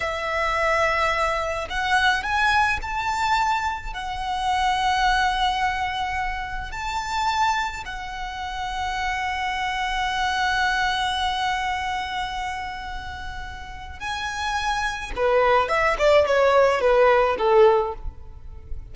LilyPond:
\new Staff \with { instrumentName = "violin" } { \time 4/4 \tempo 4 = 107 e''2. fis''4 | gis''4 a''2 fis''4~ | fis''1 | a''2 fis''2~ |
fis''1~ | fis''1~ | fis''4 gis''2 b'4 | e''8 d''8 cis''4 b'4 a'4 | }